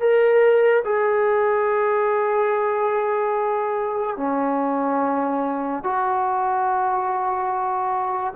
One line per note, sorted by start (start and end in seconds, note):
0.00 0.83 A#4
0.84 4.17 G#4
4.17 5.84 C#4
5.84 8.34 F#4